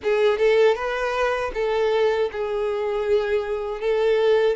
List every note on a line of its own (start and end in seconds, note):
0.03 0.38 G#4
0.38 0.75 A4
0.75 1.51 B4
1.54 2.30 A4
2.32 3.80 G#4
3.80 4.56 A4